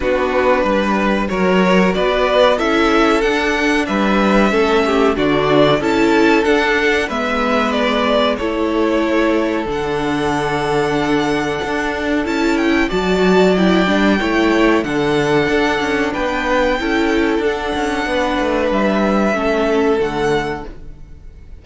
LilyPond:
<<
  \new Staff \with { instrumentName = "violin" } { \time 4/4 \tempo 4 = 93 b'2 cis''4 d''4 | e''4 fis''4 e''2 | d''4 a''4 fis''4 e''4 | d''4 cis''2 fis''4~ |
fis''2. a''8 g''8 | a''4 g''2 fis''4~ | fis''4 g''2 fis''4~ | fis''4 e''2 fis''4 | }
  \new Staff \with { instrumentName = "violin" } { \time 4/4 fis'4 b'4 ais'4 b'4 | a'2 b'4 a'8 g'8 | fis'4 a'2 b'4~ | b'4 a'2.~ |
a'1 | d''2 cis''4 a'4~ | a'4 b'4 a'2 | b'2 a'2 | }
  \new Staff \with { instrumentName = "viola" } { \time 4/4 d'2 fis'2 | e'4 d'2 cis'4 | d'4 e'4 d'4 b4~ | b4 e'2 d'4~ |
d'2. e'4 | fis'4 e'8 d'8 e'4 d'4~ | d'2 e'4 d'4~ | d'2 cis'4 a4 | }
  \new Staff \with { instrumentName = "cello" } { \time 4/4 b4 g4 fis4 b4 | cis'4 d'4 g4 a4 | d4 cis'4 d'4 gis4~ | gis4 a2 d4~ |
d2 d'4 cis'4 | fis4. g8 a4 d4 | d'8 cis'8 b4 cis'4 d'8 cis'8 | b8 a8 g4 a4 d4 | }
>>